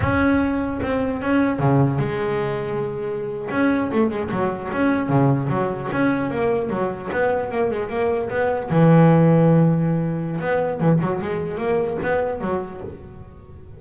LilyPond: \new Staff \with { instrumentName = "double bass" } { \time 4/4 \tempo 4 = 150 cis'2 c'4 cis'4 | cis4 gis2.~ | gis8. cis'4 a8 gis8 fis4 cis'16~ | cis'8. cis4 fis4 cis'4 ais16~ |
ais8. fis4 b4 ais8 gis8 ais16~ | ais8. b4 e2~ e16~ | e2 b4 e8 fis8 | gis4 ais4 b4 fis4 | }